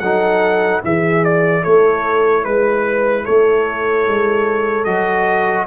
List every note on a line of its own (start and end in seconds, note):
0.00 0.82 F#3
0.00 0.84 D#4
0.00 0.83 A4
0.00 0.81 F#5
0.84 1.65 E3
0.84 4.86 E4
0.84 1.63 G#4
0.84 1.25 E5
1.25 1.64 D5
1.63 2.46 A3
1.63 2.44 A4
1.63 2.45 C#5
2.44 3.27 G#3
2.44 3.25 B4
2.44 3.26 B4
3.25 4.08 A3
3.25 5.68 A4
3.25 4.85 C#5
4.08 4.87 G#3
4.85 5.68 F#3
4.85 5.67 F#4
4.85 5.66 D#5